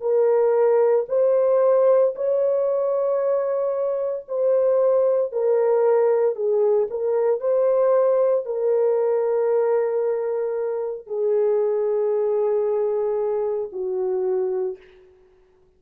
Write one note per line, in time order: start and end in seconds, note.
0.00 1.05 A#4
1.09 2.14 C5
2.15 4.25 C#5
4.28 5.32 C5
5.32 6.35 A#4
6.35 6.88 G#4
6.90 7.40 A#4
7.40 8.45 C5
8.45 11.06 A#4
11.06 13.69 G#4
13.72 14.78 F#4